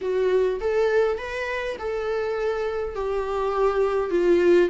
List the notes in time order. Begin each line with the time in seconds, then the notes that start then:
0.01 F#4
0.60 A4
1.18 B4
1.78 A4
2.95 G4
4.10 F4